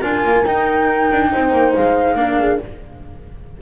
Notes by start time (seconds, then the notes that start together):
0.00 D4 F4 A#4 G#5
0.23 A#3
0.45 D#4 G5
1.11 D4
1.32 C4 C5
1.51 A#3
1.74 G#3 F5
2.15 A#3 D4 A#4
2.39 G#4